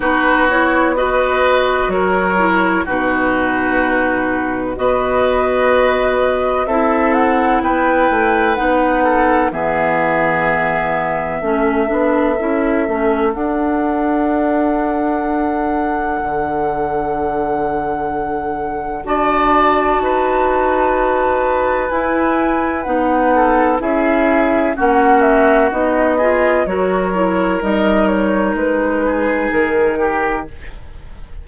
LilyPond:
<<
  \new Staff \with { instrumentName = "flute" } { \time 4/4 \tempo 4 = 63 b'8 cis''8 dis''4 cis''4 b'4~ | b'4 dis''2 e''8 fis''8 | g''4 fis''4 e''2~ | e''2 fis''2~ |
fis''1 | a''2. gis''4 | fis''4 e''4 fis''8 e''8 dis''4 | cis''4 dis''8 cis''8 b'4 ais'4 | }
  \new Staff \with { instrumentName = "oboe" } { \time 4/4 fis'4 b'4 ais'4 fis'4~ | fis'4 b'2 a'4 | b'4. a'8 gis'2 | a'1~ |
a'1 | d''4 b'2.~ | b'8 a'8 gis'4 fis'4. gis'8 | ais'2~ ais'8 gis'4 g'8 | }
  \new Staff \with { instrumentName = "clarinet" } { \time 4/4 dis'8 e'8 fis'4. e'8 dis'4~ | dis'4 fis'2 e'4~ | e'4 dis'4 b2 | cis'8 d'8 e'8 cis'8 d'2~ |
d'1 | fis'2. e'4 | dis'4 e'4 cis'4 dis'8 f'8 | fis'8 e'8 dis'2. | }
  \new Staff \with { instrumentName = "bassoon" } { \time 4/4 b2 fis4 b,4~ | b,4 b2 c'4 | b8 a8 b4 e2 | a8 b8 cis'8 a8 d'2~ |
d'4 d2. | d'4 dis'2 e'4 | b4 cis'4 ais4 b4 | fis4 g4 gis4 dis4 | }
>>